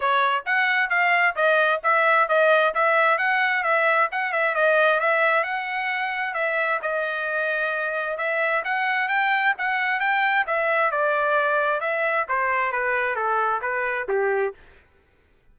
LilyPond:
\new Staff \with { instrumentName = "trumpet" } { \time 4/4 \tempo 4 = 132 cis''4 fis''4 f''4 dis''4 | e''4 dis''4 e''4 fis''4 | e''4 fis''8 e''8 dis''4 e''4 | fis''2 e''4 dis''4~ |
dis''2 e''4 fis''4 | g''4 fis''4 g''4 e''4 | d''2 e''4 c''4 | b'4 a'4 b'4 g'4 | }